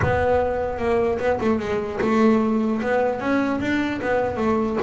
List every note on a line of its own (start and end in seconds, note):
0.02 0.78 B3
0.78 1.18 A#3
1.19 1.39 B3
1.40 1.59 A3
1.59 1.99 G#3
2.01 2.81 A3
2.82 3.20 B3
3.20 3.60 C#4
3.60 4.00 D4
4.01 4.37 B3
4.37 4.77 A3